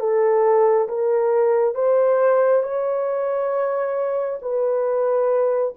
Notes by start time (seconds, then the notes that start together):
0.00 A4
0.89 A#4
1.75 C5
2.63 C#5
4.42 B4